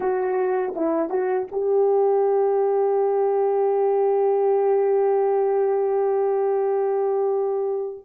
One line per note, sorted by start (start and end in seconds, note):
0.00 0.74 F#4
0.75 1.09 E4
1.09 1.47 F#4
1.51 8.05 G4